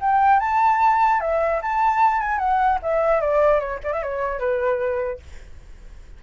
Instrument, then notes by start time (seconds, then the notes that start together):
flute
0.00 G5
0.40 A5
1.20 E5
1.62 A5
2.22 G#5
2.38 F#5
2.82 E5
3.20 D5
3.59 C#5
3.83 D5
3.92 E5
4.02 C#5
4.39 B4